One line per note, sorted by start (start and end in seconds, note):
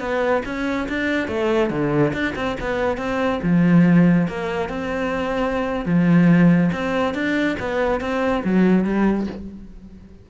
0.00 0.43 B3
0.46 0.88 C#4
0.89 1.28 D4
1.28 1.71 A3
1.71 2.13 D3
2.13 2.35 D4
2.36 2.57 C4
2.61 2.98 B3
2.98 3.40 C4
3.43 4.28 F3
4.28 4.69 A#3
4.69 5.86 C4
5.86 6.71 F3
6.73 7.15 C4
7.15 7.57 D4
7.60 8.01 B3
8.01 8.44 C4
8.45 8.85 F#3
8.85 9.27 G3